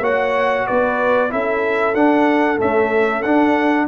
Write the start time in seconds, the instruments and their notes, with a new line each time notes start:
0.00 tuba A#3, trombone F#4, horn C#5, trumpet F#5
0.66 tuba B3, horn B4, trumpet D5
1.30 tuba C#4, trombone E4, horn A4, trumpet E5
1.94 tuba D4, trombone D4, trumpet F#5
2.58 trombone A3, tuba C#4, trumpet E5
3.22 tuba D4, trombone D4, trumpet F#5